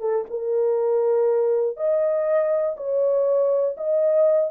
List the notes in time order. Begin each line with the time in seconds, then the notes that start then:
0.00 A4
0.30 A#4
1.77 D#5
2.77 C#5
3.77 D#5